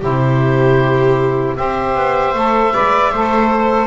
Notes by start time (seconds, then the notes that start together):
0.00 C3 E4 G4 C5
1.56 C4 G4 C5 E5
1.95 B3
2.34 A3 A4
2.73 G#3 B4 D5
3.12 A3 A4 C5